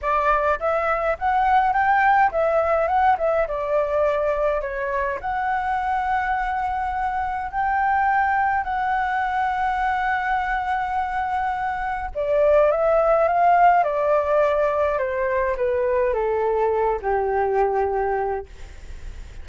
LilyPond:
\new Staff \with { instrumentName = "flute" } { \time 4/4 \tempo 4 = 104 d''4 e''4 fis''4 g''4 | e''4 fis''8 e''8 d''2 | cis''4 fis''2.~ | fis''4 g''2 fis''4~ |
fis''1~ | fis''4 d''4 e''4 f''4 | d''2 c''4 b'4 | a'4. g'2~ g'8 | }